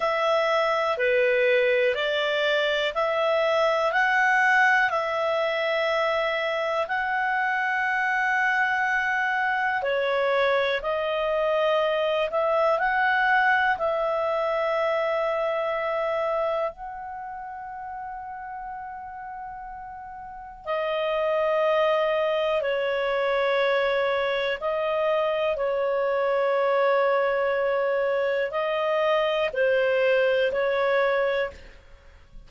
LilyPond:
\new Staff \with { instrumentName = "clarinet" } { \time 4/4 \tempo 4 = 61 e''4 b'4 d''4 e''4 | fis''4 e''2 fis''4~ | fis''2 cis''4 dis''4~ | dis''8 e''8 fis''4 e''2~ |
e''4 fis''2.~ | fis''4 dis''2 cis''4~ | cis''4 dis''4 cis''2~ | cis''4 dis''4 c''4 cis''4 | }